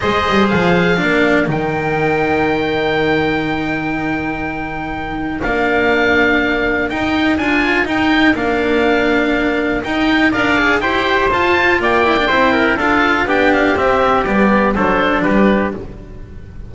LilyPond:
<<
  \new Staff \with { instrumentName = "oboe" } { \time 4/4 \tempo 4 = 122 dis''4 f''2 g''4~ | g''1~ | g''2. f''4~ | f''2 g''4 gis''4 |
g''4 f''2. | g''4 f''4 g''4 a''4 | g''2 f''4 g''8 f''8 | e''4 d''4 c''4 b'4 | }
  \new Staff \with { instrumentName = "trumpet" } { \time 4/4 c''2 ais'2~ | ais'1~ | ais'1~ | ais'1~ |
ais'1~ | ais'4 d''4 c''2 | d''4 c''8 ais'8 a'4 g'4~ | g'2 a'4 g'4 | }
  \new Staff \with { instrumentName = "cello" } { \time 4/4 gis'2 d'4 dis'4~ | dis'1~ | dis'2. d'4~ | d'2 dis'4 f'4 |
dis'4 d'2. | dis'4 ais'8 gis'8 g'4 f'4~ | f'8 e'16 d'16 e'4 f'4 d'4 | c'4 b4 d'2 | }
  \new Staff \with { instrumentName = "double bass" } { \time 4/4 gis8 g8 f4 ais4 dis4~ | dis1~ | dis2. ais4~ | ais2 dis'4 d'4 |
dis'4 ais2. | dis'4 d'4 e'4 f'4 | ais4 c'4 d'4 b4 | c'4 g4 fis4 g4 | }
>>